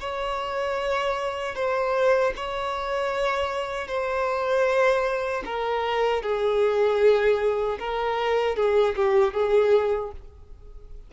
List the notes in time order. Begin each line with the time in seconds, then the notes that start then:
0.00 C#5
1.55 C5
2.36 C#5
3.87 C5
5.45 A#4
6.22 G#4
7.79 A#4
8.56 G#4
8.96 G4
9.34 G#4